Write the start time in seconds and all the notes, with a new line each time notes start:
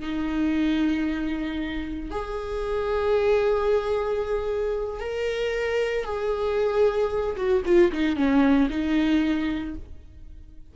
0.00 D#4
2.11 G#4
5.00 A#4
6.04 G#4
7.36 F#4
7.65 F4
7.92 D#4
8.16 C#4
8.69 D#4